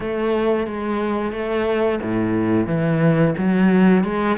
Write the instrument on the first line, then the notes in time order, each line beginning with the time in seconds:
cello
0.00 A3
0.66 G#3
1.32 A3
2.02 A2
2.67 E3
3.37 F#3
4.04 G#3